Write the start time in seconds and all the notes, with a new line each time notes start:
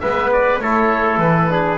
0.00 G#3 B3 B4 E5
0.33 D5
0.59 A3 E4 A4 C#5
1.17 E3 B4
1.50 D4 G#4